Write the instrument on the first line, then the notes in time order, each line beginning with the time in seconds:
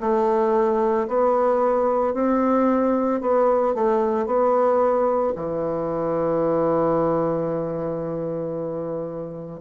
bassoon
0.00 A3
1.07 B3
2.13 C4
3.20 B3
3.74 A3
4.26 B3
5.35 E3